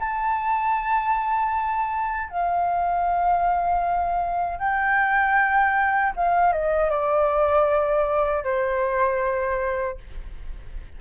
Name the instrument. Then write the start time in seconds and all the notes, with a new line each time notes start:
flute
0.00 A5
2.30 F5
4.59 G5
6.17 F5
6.53 D#5
6.91 D5
8.44 C5